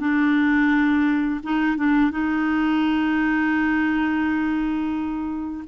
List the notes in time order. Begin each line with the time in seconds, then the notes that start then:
0.00 D4
1.43 D#4
1.77 D4
2.11 D#4